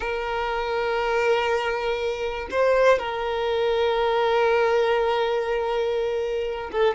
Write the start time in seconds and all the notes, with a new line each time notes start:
0.00 A#4
2.50 C5
2.98 A#4
6.71 A4